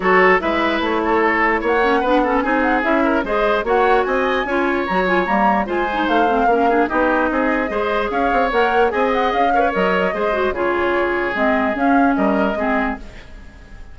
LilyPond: <<
  \new Staff \with { instrumentName = "flute" } { \time 4/4 \tempo 4 = 148 cis''4 e''4 cis''2 | fis''2 gis''8 fis''8 e''4 | dis''4 fis''4 gis''2 | ais''8 gis''8 ais''4 gis''4 f''4~ |
f''4 dis''2. | f''4 fis''4 gis''8 fis''8 f''4 | dis''2 cis''2 | dis''4 f''4 dis''2 | }
  \new Staff \with { instrumentName = "oboe" } { \time 4/4 a'4 b'4. a'4. | cis''4 b'8 a'8 gis'4. ais'8 | c''4 cis''4 dis''4 cis''4~ | cis''2 c''2 |
ais'8 gis'8 g'4 gis'4 c''4 | cis''2 dis''4. cis''8~ | cis''4 c''4 gis'2~ | gis'2 ais'4 gis'4 | }
  \new Staff \with { instrumentName = "clarinet" } { \time 4/4 fis'4 e'2.~ | e'8 cis'8 d'8 cis'8 dis'4 e'4 | gis'4 fis'2 f'4 | fis'8 f'8 ais4 f'8 dis'4 c'8 |
cis'8 d'8 dis'2 gis'4~ | gis'4 ais'4 gis'4. ais'16 b'16 | ais'4 gis'8 fis'8 f'2 | c'4 cis'2 c'4 | }
  \new Staff \with { instrumentName = "bassoon" } { \time 4/4 fis4 gis4 a2 | ais4 b4 c'4 cis'4 | gis4 ais4 c'4 cis'4 | fis4 g4 gis4 a4 |
ais4 b4 c'4 gis4 | cis'8 c'8 ais4 c'4 cis'4 | fis4 gis4 cis2 | gis4 cis'4 g4 gis4 | }
>>